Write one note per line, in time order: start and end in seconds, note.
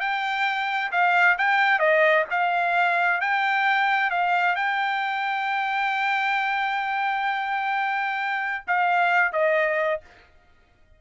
0.00 0.91 G5
0.92 1.37 F5
1.38 1.79 G5
1.79 2.25 D#5
2.30 3.21 F5
3.21 4.10 G5
4.10 4.55 F5
4.55 8.64 G5
8.67 9.32 F5
9.32 10.01 D#5